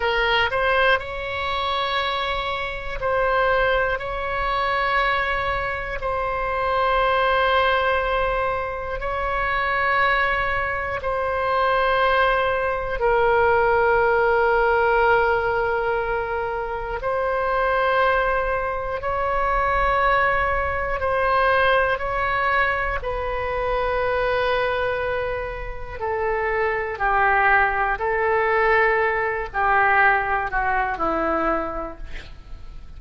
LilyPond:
\new Staff \with { instrumentName = "oboe" } { \time 4/4 \tempo 4 = 60 ais'8 c''8 cis''2 c''4 | cis''2 c''2~ | c''4 cis''2 c''4~ | c''4 ais'2.~ |
ais'4 c''2 cis''4~ | cis''4 c''4 cis''4 b'4~ | b'2 a'4 g'4 | a'4. g'4 fis'8 e'4 | }